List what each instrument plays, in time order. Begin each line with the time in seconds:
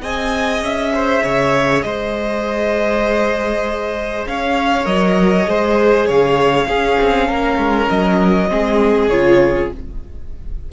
0.00 cello C4, viola G#4, violin D#5 G#5
0.62 cello C#4, violin E5
0.94 violin C5
1.23 cello C#3, violin C#5
1.82 cello G#3, violin C5 D#5
4.27 cello C#4, violin C#5 F5
4.85 cello F#3, viola A#4, violin D#5
5.45 cello G#3, viola G#4, violin C5
6.07 cello C#3, violin C#5 F5
6.67 cello C#4, viola C#4, violin G#4
7.01 cello C4
7.27 cello A#3, violin A#4
7.58 cello G#3
7.90 cello F#3, violin D#5
8.49 cello G#3, viola C4, violin G#4
9.09 cello C#3, viola F4, violin C#5